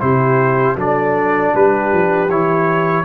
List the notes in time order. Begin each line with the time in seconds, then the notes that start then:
0.00 C3 E4 G4 C5
0.76 F#3 D4 A4 D5
1.54 G3 G4 B4
1.92 F3
2.30 E3 E4 C#5